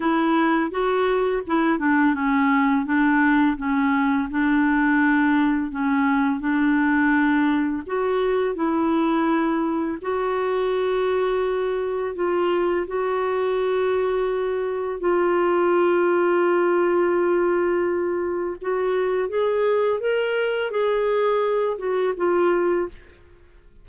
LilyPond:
\new Staff \with { instrumentName = "clarinet" } { \time 4/4 \tempo 4 = 84 e'4 fis'4 e'8 d'8 cis'4 | d'4 cis'4 d'2 | cis'4 d'2 fis'4 | e'2 fis'2~ |
fis'4 f'4 fis'2~ | fis'4 f'2.~ | f'2 fis'4 gis'4 | ais'4 gis'4. fis'8 f'4 | }